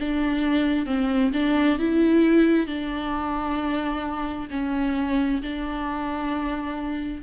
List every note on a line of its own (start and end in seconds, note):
0.00 0.86 D4
0.86 1.32 C4
1.34 1.79 D4
1.79 2.67 E4
2.67 4.49 D4
4.51 5.42 C#4
5.43 7.24 D4